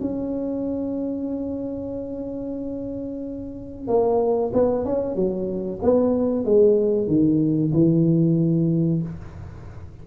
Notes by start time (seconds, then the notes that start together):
0.00 C#4
3.87 A#3
4.53 B3
4.85 C#4
5.15 F#3
5.82 B3
6.45 G#3
7.07 D#3
7.73 E3